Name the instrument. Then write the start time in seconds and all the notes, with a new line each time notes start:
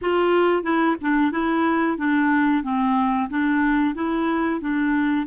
clarinet
0.01 F4
0.63 E4
1.01 D4
1.31 E4
1.98 D4
2.63 C4
3.29 D4
3.94 E4
4.60 D4